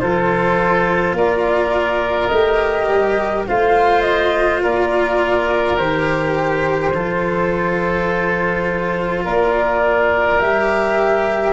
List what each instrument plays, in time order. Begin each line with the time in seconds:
0.00 tuba F3, cello F4, oboe A4, flute C5
1.12 tuba A#3, oboe A#4, flute D5
2.27 tuba A3, cello G4, flute D#5
2.88 tuba G3
3.47 tuba A3, cello F4, oboe C5, flute F5
4.01 flute D#5
4.63 tuba A#3, oboe A#4, flute D5
5.77 tuba D#3, cello G4, flute C5
6.94 tuba F3, cello F4, oboe A4
9.24 tuba A#3, oboe A#4, flute D5
10.39 tuba G3, cello G4, flute E5